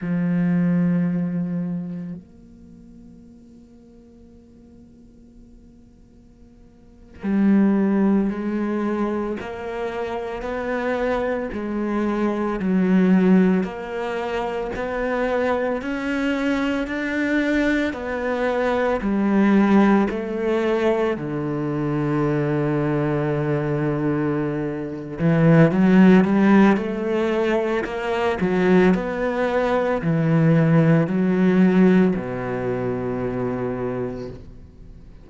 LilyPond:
\new Staff \with { instrumentName = "cello" } { \time 4/4 \tempo 4 = 56 f2 ais2~ | ais2~ ais8. g4 gis16~ | gis8. ais4 b4 gis4 fis16~ | fis8. ais4 b4 cis'4 d'16~ |
d'8. b4 g4 a4 d16~ | d2.~ d8 e8 | fis8 g8 a4 ais8 fis8 b4 | e4 fis4 b,2 | }